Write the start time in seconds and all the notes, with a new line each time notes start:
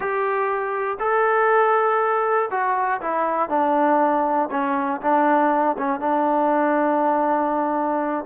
0.00 G4
0.99 A4
2.50 F#4
3.01 E4
3.49 D4
4.50 C#4
5.01 D4
5.77 C#4
6.00 D4